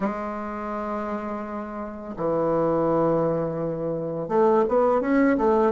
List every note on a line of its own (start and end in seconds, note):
0.00 2.14 G#3
2.16 4.28 E3
4.28 4.64 A3
4.68 5.01 B3
5.01 5.36 C#4
5.37 5.72 A3